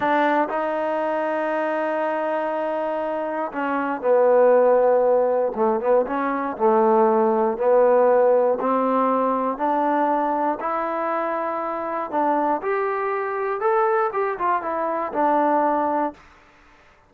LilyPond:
\new Staff \with { instrumentName = "trombone" } { \time 4/4 \tempo 4 = 119 d'4 dis'2.~ | dis'2. cis'4 | b2. a8 b8 | cis'4 a2 b4~ |
b4 c'2 d'4~ | d'4 e'2. | d'4 g'2 a'4 | g'8 f'8 e'4 d'2 | }